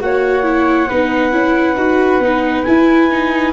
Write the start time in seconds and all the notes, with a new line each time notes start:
0.00 A#3 F#4 C#5 F#5
0.43 E4
0.88 B3 D#4 B4
1.31 C#4 E4
1.76 D#4 F#4
2.19 B3 D#4
2.64 E4 G#5
3.11 D#4